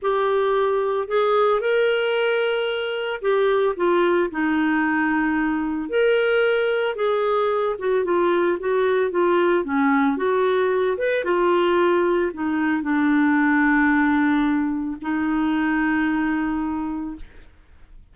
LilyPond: \new Staff \with { instrumentName = "clarinet" } { \time 4/4 \tempo 4 = 112 g'2 gis'4 ais'4~ | ais'2 g'4 f'4 | dis'2. ais'4~ | ais'4 gis'4. fis'8 f'4 |
fis'4 f'4 cis'4 fis'4~ | fis'8 b'8 f'2 dis'4 | d'1 | dis'1 | }